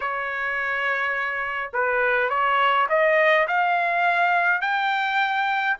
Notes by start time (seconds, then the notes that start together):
0.00 C#5
1.73 B4
2.29 C#5
2.89 D#5
3.47 F5
4.61 G5